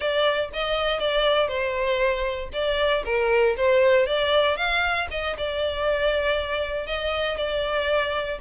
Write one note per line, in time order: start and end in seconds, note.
0.00 0.49 D5
0.53 0.99 D#5
0.99 1.48 D5
1.48 2.49 C5
2.52 3.03 D5
3.05 3.56 A#4
3.56 4.06 C5
4.06 4.56 D5
4.56 5.07 F5
5.10 5.36 D#5
5.37 6.86 D5
6.86 7.37 D#5
7.37 8.38 D5